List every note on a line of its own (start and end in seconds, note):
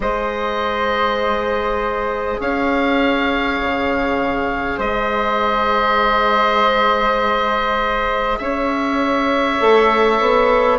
0.00 2.38 G#3
0.00 9.60 G#4
0.00 2.40 C5
0.00 2.40 D#5
2.40 3.60 C#4
2.40 4.78 C#5
2.40 4.79 F5
3.60 4.78 C#3
4.78 8.38 G#3
4.78 8.38 C5
4.78 8.38 D#5
8.38 9.59 C#4
8.38 10.79 C#5
8.38 10.78 E5
9.60 10.20 A3
9.60 10.79 A4
10.20 10.79 B3